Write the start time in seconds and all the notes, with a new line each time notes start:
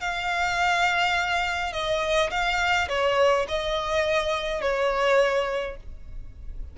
0.00 F5
1.72 D#5
2.30 F5
2.88 C#5
3.48 D#5
4.61 C#5